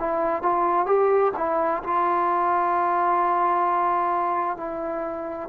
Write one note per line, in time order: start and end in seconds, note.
0.00 0.43 E4
0.43 0.86 F4
0.86 1.33 G4
1.37 1.83 E4
1.84 4.57 F4
4.57 5.49 E4